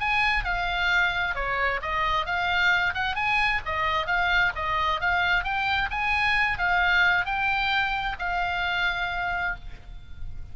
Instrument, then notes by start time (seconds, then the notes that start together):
oboe
0.00 G#5
0.44 F5
1.35 C#5
1.82 D#5
2.26 F5
2.94 F#5
3.15 G#5
3.65 D#5
4.07 F5
4.55 D#5
5.00 F5
5.44 G5
5.90 G#5
6.58 F5
7.25 G5
8.19 F5